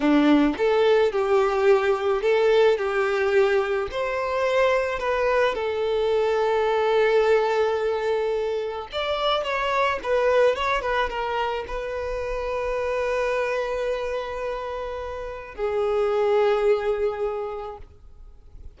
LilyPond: \new Staff \with { instrumentName = "violin" } { \time 4/4 \tempo 4 = 108 d'4 a'4 g'2 | a'4 g'2 c''4~ | c''4 b'4 a'2~ | a'1 |
d''4 cis''4 b'4 cis''8 b'8 | ais'4 b'2.~ | b'1 | gis'1 | }